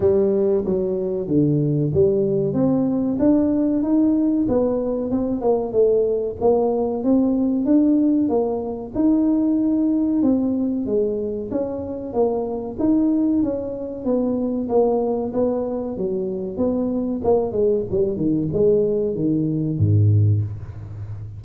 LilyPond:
\new Staff \with { instrumentName = "tuba" } { \time 4/4 \tempo 4 = 94 g4 fis4 d4 g4 | c'4 d'4 dis'4 b4 | c'8 ais8 a4 ais4 c'4 | d'4 ais4 dis'2 |
c'4 gis4 cis'4 ais4 | dis'4 cis'4 b4 ais4 | b4 fis4 b4 ais8 gis8 | g8 dis8 gis4 dis4 gis,4 | }